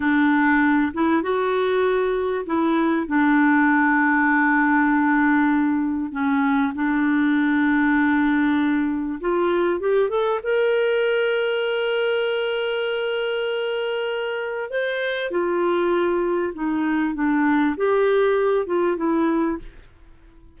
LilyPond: \new Staff \with { instrumentName = "clarinet" } { \time 4/4 \tempo 4 = 98 d'4. e'8 fis'2 | e'4 d'2.~ | d'2 cis'4 d'4~ | d'2. f'4 |
g'8 a'8 ais'2.~ | ais'1 | c''4 f'2 dis'4 | d'4 g'4. f'8 e'4 | }